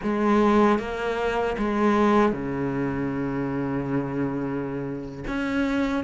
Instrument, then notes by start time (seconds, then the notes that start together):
cello
0.02 G#3
0.78 A#3
1.58 G#3
2.32 C#3
5.27 C#4